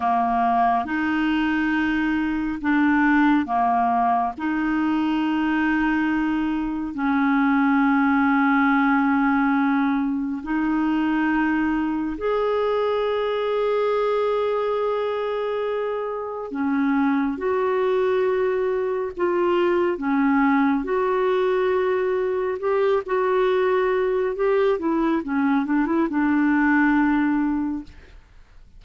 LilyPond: \new Staff \with { instrumentName = "clarinet" } { \time 4/4 \tempo 4 = 69 ais4 dis'2 d'4 | ais4 dis'2. | cis'1 | dis'2 gis'2~ |
gis'2. cis'4 | fis'2 f'4 cis'4 | fis'2 g'8 fis'4. | g'8 e'8 cis'8 d'16 e'16 d'2 | }